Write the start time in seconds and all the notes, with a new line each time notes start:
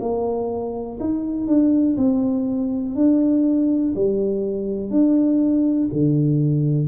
0.00 A#3
1.00 D#4
1.47 D4
1.97 C4
2.95 D4
3.95 G3
4.90 D4
5.92 D3